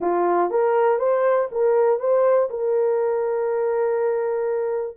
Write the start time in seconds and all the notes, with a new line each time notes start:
0.00 F4
0.50 A#4
0.98 C5
1.51 A#4
1.99 C5
2.50 A#4